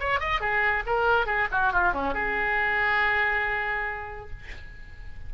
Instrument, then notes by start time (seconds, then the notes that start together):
oboe
0.00 C#5
0.20 D#5
0.41 G#4
0.87 A#4
1.27 G#4
1.52 F#4
1.73 F4
1.93 C#4
2.14 G#4